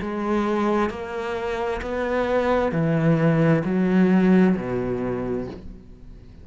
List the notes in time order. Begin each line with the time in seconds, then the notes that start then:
0.00 G#3
0.89 A#3
1.81 B3
2.71 E3
3.64 F#3
4.56 B2